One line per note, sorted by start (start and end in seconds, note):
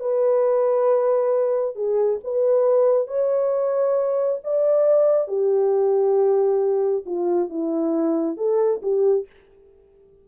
0.00 1.76 B4
1.76 2.20 G#4
2.24 3.08 B4
3.08 4.40 C#5
4.44 5.28 D5
5.28 7.05 G4
7.06 7.50 F4
7.50 8.37 E4
8.37 8.81 A4
8.82 9.26 G4